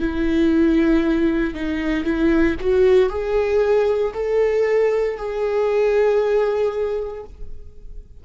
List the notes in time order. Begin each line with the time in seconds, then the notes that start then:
0.00 E4
1.55 D#4
2.05 E4
2.61 F#4
3.10 G#4
4.14 A4
5.17 G#4